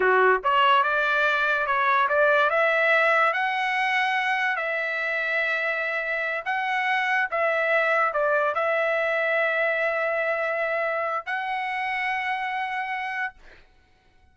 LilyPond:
\new Staff \with { instrumentName = "trumpet" } { \time 4/4 \tempo 4 = 144 fis'4 cis''4 d''2 | cis''4 d''4 e''2 | fis''2. e''4~ | e''2.~ e''8 fis''8~ |
fis''4. e''2 d''8~ | d''8 e''2.~ e''8~ | e''2. fis''4~ | fis''1 | }